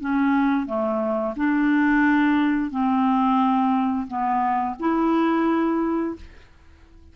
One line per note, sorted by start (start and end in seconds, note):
0.00 0.66 C#4
0.66 1.34 A3
1.36 2.71 D4
2.71 4.07 C4
4.07 4.75 B3
4.79 6.15 E4